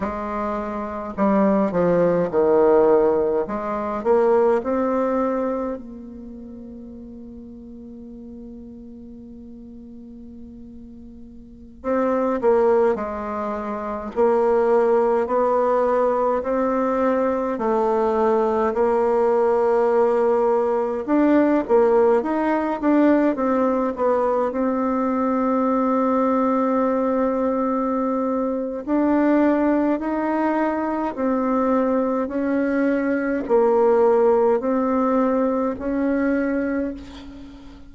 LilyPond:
\new Staff \with { instrumentName = "bassoon" } { \time 4/4 \tempo 4 = 52 gis4 g8 f8 dis4 gis8 ais8 | c'4 ais2.~ | ais2~ ais16 c'8 ais8 gis8.~ | gis16 ais4 b4 c'4 a8.~ |
a16 ais2 d'8 ais8 dis'8 d'16~ | d'16 c'8 b8 c'2~ c'8.~ | c'4 d'4 dis'4 c'4 | cis'4 ais4 c'4 cis'4 | }